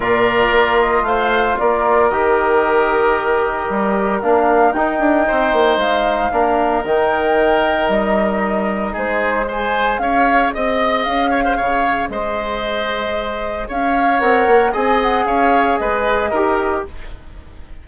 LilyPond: <<
  \new Staff \with { instrumentName = "flute" } { \time 4/4 \tempo 4 = 114 d''4. dis''8 f''4 d''4 | dis''1 | f''4 g''2 f''4~ | f''4 g''2 dis''4~ |
dis''4 c''4 gis''4 f''4 | dis''4 f''2 dis''4~ | dis''2 f''4 fis''4 | gis''8 fis''8 f''4 dis''2 | }
  \new Staff \with { instrumentName = "oboe" } { \time 4/4 ais'2 c''4 ais'4~ | ais'1~ | ais'2 c''2 | ais'1~ |
ais'4 gis'4 c''4 cis''4 | dis''4. cis''16 c''16 cis''4 c''4~ | c''2 cis''2 | dis''4 cis''4 b'4 ais'4 | }
  \new Staff \with { instrumentName = "trombone" } { \time 4/4 f'1 | g'1 | d'4 dis'2. | d'4 dis'2.~ |
dis'2 gis'2~ | gis'1~ | gis'2. ais'4 | gis'2. g'4 | }
  \new Staff \with { instrumentName = "bassoon" } { \time 4/4 ais,4 ais4 a4 ais4 | dis2. g4 | ais4 dis'8 d'8 c'8 ais8 gis4 | ais4 dis2 g4~ |
g4 gis2 cis'4 | c'4 cis'4 cis4 gis4~ | gis2 cis'4 c'8 ais8 | c'4 cis'4 gis4 dis'4 | }
>>